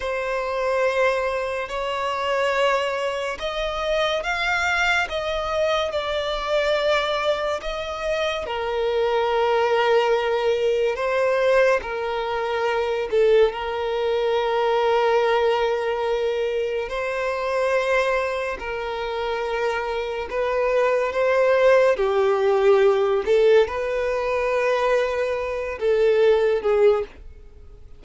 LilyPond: \new Staff \with { instrumentName = "violin" } { \time 4/4 \tempo 4 = 71 c''2 cis''2 | dis''4 f''4 dis''4 d''4~ | d''4 dis''4 ais'2~ | ais'4 c''4 ais'4. a'8 |
ais'1 | c''2 ais'2 | b'4 c''4 g'4. a'8 | b'2~ b'8 a'4 gis'8 | }